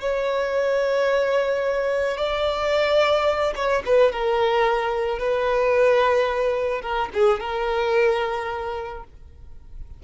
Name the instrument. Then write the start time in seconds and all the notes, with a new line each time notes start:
violin
0.00 C#5
2.17 D5
3.55 C#5
3.85 B4
4.12 A#4
5.18 B4
6.81 A#4
7.13 G#4
7.40 A#4